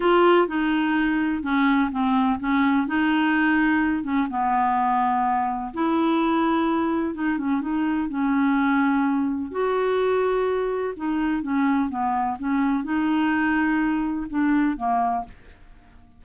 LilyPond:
\new Staff \with { instrumentName = "clarinet" } { \time 4/4 \tempo 4 = 126 f'4 dis'2 cis'4 | c'4 cis'4 dis'2~ | dis'8 cis'8 b2. | e'2. dis'8 cis'8 |
dis'4 cis'2. | fis'2. dis'4 | cis'4 b4 cis'4 dis'4~ | dis'2 d'4 ais4 | }